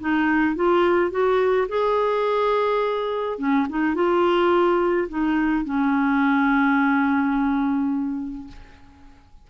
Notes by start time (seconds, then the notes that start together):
0.00 D#4
0.56 F4
1.11 F#4
1.69 G#4
3.39 C#4
3.69 D#4
3.95 F4
5.09 D#4
5.65 C#4